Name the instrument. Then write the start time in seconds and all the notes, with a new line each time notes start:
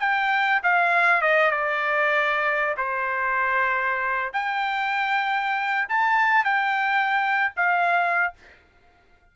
trumpet
0.00 G5
0.63 F5
1.22 D#5
1.51 D5
2.77 C5
4.34 G5
5.89 A5
6.44 G5
7.57 F5